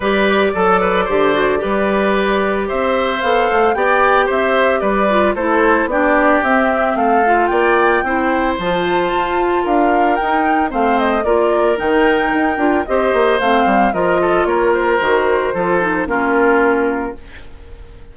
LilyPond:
<<
  \new Staff \with { instrumentName = "flute" } { \time 4/4 \tempo 4 = 112 d''1~ | d''4 e''4 f''4 g''4 | e''4 d''4 c''4 d''4 | e''4 f''4 g''2 |
a''2 f''4 g''4 | f''8 dis''8 d''4 g''2 | dis''4 f''4 dis''4 cis''8 c''8~ | c''2 ais'2 | }
  \new Staff \with { instrumentName = "oboe" } { \time 4/4 b'4 a'8 b'8 c''4 b'4~ | b'4 c''2 d''4 | c''4 b'4 a'4 g'4~ | g'4 a'4 d''4 c''4~ |
c''2 ais'2 | c''4 ais'2. | c''2 ais'8 a'8 ais'4~ | ais'4 a'4 f'2 | }
  \new Staff \with { instrumentName = "clarinet" } { \time 4/4 g'4 a'4 g'8 fis'8 g'4~ | g'2 a'4 g'4~ | g'4. f'8 e'4 d'4 | c'4. f'4. e'4 |
f'2. dis'4 | c'4 f'4 dis'4. f'8 | g'4 c'4 f'2 | fis'4 f'8 dis'8 cis'2 | }
  \new Staff \with { instrumentName = "bassoon" } { \time 4/4 g4 fis4 d4 g4~ | g4 c'4 b8 a8 b4 | c'4 g4 a4 b4 | c'4 a4 ais4 c'4 |
f4 f'4 d'4 dis'4 | a4 ais4 dis4 dis'8 d'8 | c'8 ais8 a8 g8 f4 ais4 | dis4 f4 ais2 | }
>>